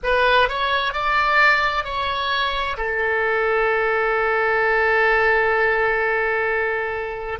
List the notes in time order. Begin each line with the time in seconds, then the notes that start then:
0.03 B4
0.48 C#5
0.93 D5
1.84 C#5
2.77 A4